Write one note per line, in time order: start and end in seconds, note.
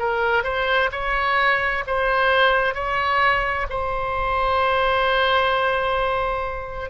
0.00 0.44 A#4
0.44 0.90 C5
0.92 1.85 C#5
1.88 2.75 C5
2.75 3.67 C#5
3.70 6.90 C5